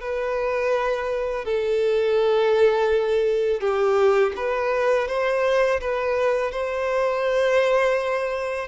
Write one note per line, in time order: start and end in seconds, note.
0.00 1.45 B4
1.45 3.60 A4
3.60 4.32 G4
4.36 5.07 B4
5.07 5.80 C5
5.80 6.51 B4
6.51 8.68 C5